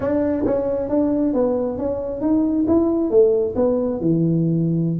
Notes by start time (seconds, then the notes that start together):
0.00 D4
0.45 C#4
0.89 D4
1.33 B3
1.78 C#4
2.21 D#4
2.67 E4
3.10 A3
3.55 B3
4.00 E3